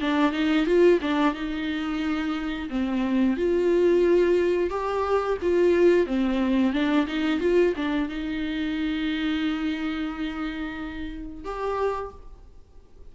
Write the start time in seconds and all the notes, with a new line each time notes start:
0.00 D4
0.32 D#4
0.66 F4
1.01 D4
1.34 D#4
2.69 C4
3.36 F4
4.70 G4
5.42 F4
6.06 C4
6.73 D4
7.06 D#4
7.40 F4
7.76 D4
8.09 D#4
11.44 G4